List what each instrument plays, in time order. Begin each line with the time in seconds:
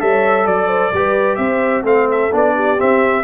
0.00 tuba G3, trombone A4, horn C#5, trumpet E5
0.46 tuba F#3, horn D5, trumpet D5
0.68 horn C5
0.93 tuba G3, trombone G4, horn B4
1.36 tuba C4, horn C5, trumpet E5
1.83 tuba A3, trombone C4, horn A4, trumpet F5
2.11 trumpet E5
2.32 tuba B3, trombone D4, trumpet D5
2.55 horn G4
2.78 trombone C4, tuba C4, trumpet E5